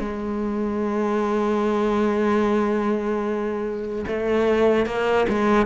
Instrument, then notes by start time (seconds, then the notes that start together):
cello
0.00 G#3
4.08 A3
4.86 A#3
5.29 G#3